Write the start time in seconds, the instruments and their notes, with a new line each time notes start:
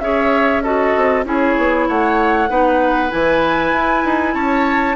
0.00 bassoon C#4, clarinet G#4, oboe C#5, flute E5
0.63 clarinet F#4, oboe A4, flute D#5
0.97 bassoon C4
1.25 bassoon C#4, clarinet E4, oboe G#4, flute C#5
1.57 bassoon B3
1.88 bassoon A3, oboe C#5, flute F#5
2.49 bassoon B3, clarinet D#4, oboe B4
3.10 bassoon E3, clarinet E4, flute G#5
3.72 bassoon E4
4.05 bassoon D#4
4.34 bassoon C#4, oboe C#5, flute A5